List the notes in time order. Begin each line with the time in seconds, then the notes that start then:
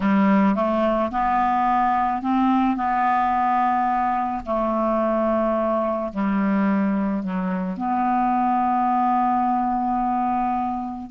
0.00 G3
0.55 A3
1.11 B3
2.22 C4
2.76 B3
4.45 A3
6.13 G3
7.23 F#3
7.77 B3